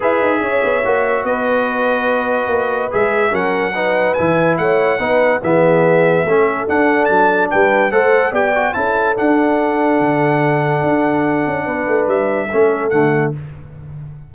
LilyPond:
<<
  \new Staff \with { instrumentName = "trumpet" } { \time 4/4 \tempo 4 = 144 e''2. dis''4~ | dis''2. e''4 | fis''2 gis''4 fis''4~ | fis''4 e''2. |
fis''4 a''4 g''4 fis''4 | g''4 a''4 fis''2~ | fis''1~ | fis''4 e''2 fis''4 | }
  \new Staff \with { instrumentName = "horn" } { \time 4/4 b'4 cis''2 b'4~ | b'1 | ais'4 b'2 cis''4 | b'4 gis'2 a'4~ |
a'2 b'4 c''4 | d''4 a'2.~ | a'1 | b'2 a'2 | }
  \new Staff \with { instrumentName = "trombone" } { \time 4/4 gis'2 fis'2~ | fis'2. gis'4 | cis'4 dis'4 e'2 | dis'4 b2 cis'4 |
d'2. a'4 | g'8 fis'8 e'4 d'2~ | d'1~ | d'2 cis'4 a4 | }
  \new Staff \with { instrumentName = "tuba" } { \time 4/4 e'8 dis'8 cis'8 b8 ais4 b4~ | b2 ais4 gis4 | fis2 e4 a4 | b4 e2 a4 |
d'4 fis4 g4 a4 | b4 cis'4 d'2 | d2 d'4. cis'8 | b8 a8 g4 a4 d4 | }
>>